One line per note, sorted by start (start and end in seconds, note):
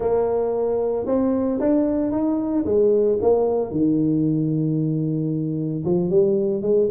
0.00 1.06 A#3
1.06 1.59 C4
1.59 2.11 D4
2.11 2.65 D#4
2.65 3.18 G#3
3.21 3.71 A#3
3.71 5.83 D#3
5.84 6.09 F3
6.09 6.62 G3
6.62 6.88 G#3